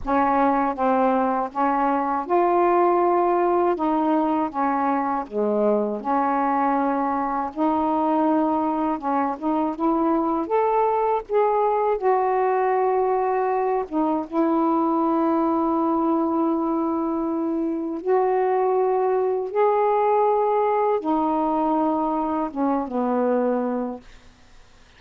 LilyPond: \new Staff \with { instrumentName = "saxophone" } { \time 4/4 \tempo 4 = 80 cis'4 c'4 cis'4 f'4~ | f'4 dis'4 cis'4 gis4 | cis'2 dis'2 | cis'8 dis'8 e'4 a'4 gis'4 |
fis'2~ fis'8 dis'8 e'4~ | e'1 | fis'2 gis'2 | dis'2 cis'8 b4. | }